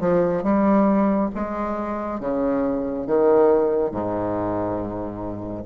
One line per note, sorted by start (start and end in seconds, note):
0.00 0.43 F3
0.43 1.30 G3
1.34 2.20 G#3
2.20 3.07 C#3
3.07 3.91 D#3
3.91 5.65 G#2